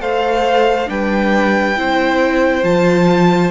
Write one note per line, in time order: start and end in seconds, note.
0.00 0.88 A3
0.00 0.86 A4
0.00 0.89 C5
0.00 0.89 F5
0.86 1.78 G3
0.86 1.74 D4
0.86 1.78 B4
0.86 2.64 G5
1.76 2.63 C4
1.76 2.63 E4
1.76 3.51 C5
2.63 3.51 F3
2.63 3.51 F4
2.63 3.51 A5